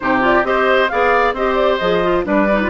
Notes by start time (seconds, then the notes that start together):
0.00 C3 D#4 G4 C5
0.20 F4 D5
0.43 C4 G4 C5 D#5
0.88 B3 G#4 D5 F5
1.33 C4 G4 C5 D#5
1.54 D5
1.78 F3 G#4 D#5
2.03 F4
2.24 G3 D4 B4 D5
2.52 D#4
2.62 F4